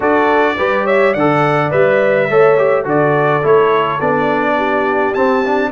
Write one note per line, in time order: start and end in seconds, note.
0.00 0.57 D4
0.00 0.57 F#4
0.00 0.55 A4
0.00 0.86 D5
0.57 1.15 G3
0.57 1.15 G4
0.57 0.84 B4
0.84 1.12 C#5
0.84 1.13 E5
1.12 1.72 D3
1.12 2.26 D5
1.12 1.70 F#5
1.19 1.70 A4
1.70 2.29 G3
1.70 2.28 B4
1.70 2.85 E5
2.29 2.85 A3
2.29 2.57 A4
2.29 2.82 C#5
2.57 2.84 G4
2.82 3.42 D3
2.82 3.42 F#4
2.82 4.54 A4
2.88 3.46 D5
3.42 4.00 A3
3.42 3.99 E4
3.42 4.00 C#5
4.00 5.14 B3
4.00 5.15 D4
4.00 5.13 D5
4.56 5.71 G4
5.13 5.43 C4
5.13 5.71 C4
5.13 5.71 A5
5.44 5.71 D4